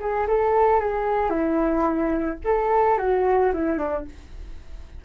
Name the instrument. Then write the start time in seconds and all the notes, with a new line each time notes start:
flute
0.00 G#4
0.28 A4
0.80 G#4
1.30 E4
2.45 A4
2.99 F#4
3.53 E4
3.78 D4